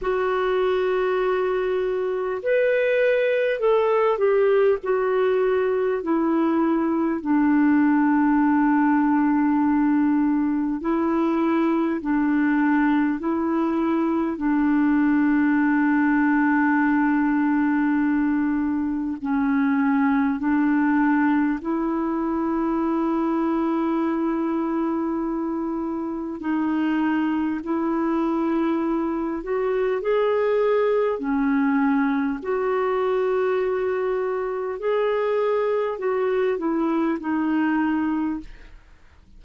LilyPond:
\new Staff \with { instrumentName = "clarinet" } { \time 4/4 \tempo 4 = 50 fis'2 b'4 a'8 g'8 | fis'4 e'4 d'2~ | d'4 e'4 d'4 e'4 | d'1 |
cis'4 d'4 e'2~ | e'2 dis'4 e'4~ | e'8 fis'8 gis'4 cis'4 fis'4~ | fis'4 gis'4 fis'8 e'8 dis'4 | }